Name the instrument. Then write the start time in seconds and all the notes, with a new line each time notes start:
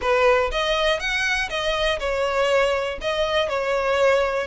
violin
0.01 B4
0.51 D#5
0.99 F#5
1.49 D#5
1.99 C#5
3.01 D#5
3.48 C#5